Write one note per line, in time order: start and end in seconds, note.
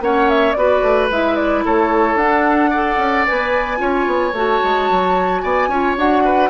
0.00 0.54 A#3
0.00 0.55 C#4
0.00 0.57 C#5
0.00 0.29 F#5
0.29 0.52 E5
0.52 0.82 B3
0.52 1.10 F#4
0.52 1.65 B4
0.52 1.06 D5
0.82 1.09 A3
1.10 1.64 G#3
1.10 2.19 E4
1.10 1.35 E5
1.35 1.62 D5
1.65 2.15 A3
1.65 2.70 A4
1.65 2.17 C#5
2.15 2.96 D4
2.15 2.73 D4
2.15 3.25 F#5
2.70 3.27 A4
2.70 3.78 D5
2.97 3.24 C#4
3.26 3.80 B3
3.26 3.77 B4
3.26 4.34 G#5
3.77 4.06 C#4
3.77 4.31 F4
3.77 5.42 C#5
4.06 4.32 B3
4.32 4.59 A3
4.32 5.71 F#4
4.32 5.41 A5
4.63 4.90 G#3
4.91 5.43 F#3
5.41 5.68 B3
5.41 5.69 D5
5.41 5.95 G#5
5.68 5.95 C#4
5.68 5.97 F4
5.68 6.23 C#5
5.97 6.50 D4
5.97 6.50 F#4
5.97 6.50 F#5
6.25 6.50 B4